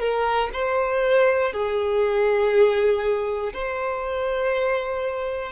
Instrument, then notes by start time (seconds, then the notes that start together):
violin
0.00 A#4
0.53 C5
1.53 G#4
3.54 C5